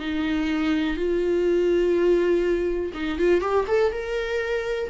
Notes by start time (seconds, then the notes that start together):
0.00 D#4
0.97 F4
2.94 D#4
3.19 F4
3.41 G4
3.68 A4
3.92 A#4